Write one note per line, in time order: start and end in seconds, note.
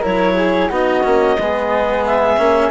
0.00 0.70 F#3
0.00 0.70 E4
0.00 0.34 A#4
0.00 0.72 C#5
0.36 0.69 G#4
0.69 1.04 B3
0.69 1.04 D#4
0.69 1.36 F#4
0.69 2.07 D#5
1.04 1.37 A#3
1.04 1.37 C#4
1.37 2.39 G#3
1.37 2.38 B3
1.37 2.71 G#4
2.07 2.71 E5
2.38 2.71 A#3
2.38 2.71 C#4